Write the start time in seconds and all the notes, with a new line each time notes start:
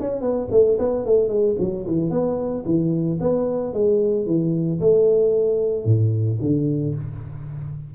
0.00 C#4
0.21 B3
0.51 A3
0.79 B3
1.06 A3
1.29 G#3
1.59 F#3
1.86 E3
2.10 B3
2.65 E3
3.20 B3
3.74 G#3
4.26 E3
4.80 A3
5.85 A2
6.41 D3